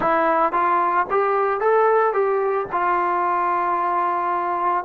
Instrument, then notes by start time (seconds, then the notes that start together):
trombone
0.00 E4
0.52 F4
1.10 G4
1.60 A4
2.13 G4
2.72 F4